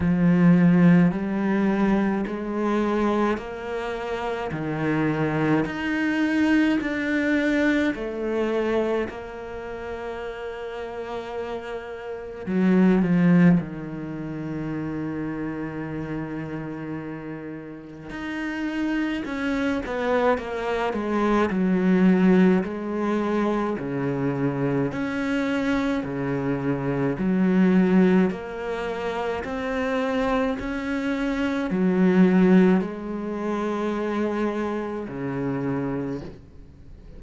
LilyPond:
\new Staff \with { instrumentName = "cello" } { \time 4/4 \tempo 4 = 53 f4 g4 gis4 ais4 | dis4 dis'4 d'4 a4 | ais2. fis8 f8 | dis1 |
dis'4 cis'8 b8 ais8 gis8 fis4 | gis4 cis4 cis'4 cis4 | fis4 ais4 c'4 cis'4 | fis4 gis2 cis4 | }